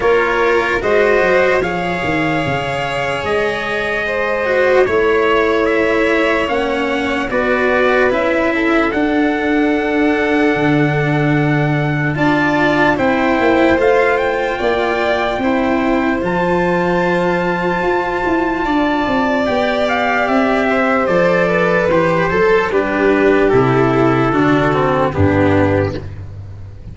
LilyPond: <<
  \new Staff \with { instrumentName = "trumpet" } { \time 4/4 \tempo 4 = 74 cis''4 dis''4 f''2 | dis''2 cis''4 e''4 | fis''4 d''4 e''4 fis''4~ | fis''2. a''4 |
g''4 f''8 g''2~ g''8 | a''1 | g''8 f''8 e''4 d''4 c''4 | b'4 a'2 g'4 | }
  \new Staff \with { instrumentName = "violin" } { \time 4/4 ais'4 c''4 cis''2~ | cis''4 c''4 cis''2~ | cis''4 b'4. a'4.~ | a'2. d''4 |
c''2 d''4 c''4~ | c''2. d''4~ | d''4. c''4 b'4 a'8 | g'2 fis'4 d'4 | }
  \new Staff \with { instrumentName = "cello" } { \time 4/4 f'4 fis'4 gis'2~ | gis'4. fis'8 e'2 | cis'4 fis'4 e'4 d'4~ | d'2. f'4 |
e'4 f'2 e'4 | f'1 | g'2 a'4 g'8 a'8 | d'4 e'4 d'8 c'8 b4 | }
  \new Staff \with { instrumentName = "tuba" } { \time 4/4 ais4 gis8 fis8 f8 dis8 cis4 | gis2 a2 | ais4 b4 cis'4 d'4~ | d'4 d2 d'4 |
c'8 ais8 a4 ais4 c'4 | f2 f'8 e'8 d'8 c'8 | b4 c'4 f4 e8 fis8 | g4 c4 d4 g,4 | }
>>